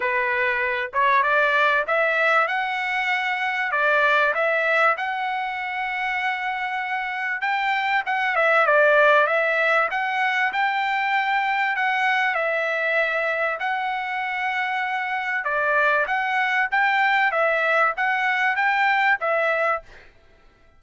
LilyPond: \new Staff \with { instrumentName = "trumpet" } { \time 4/4 \tempo 4 = 97 b'4. cis''8 d''4 e''4 | fis''2 d''4 e''4 | fis''1 | g''4 fis''8 e''8 d''4 e''4 |
fis''4 g''2 fis''4 | e''2 fis''2~ | fis''4 d''4 fis''4 g''4 | e''4 fis''4 g''4 e''4 | }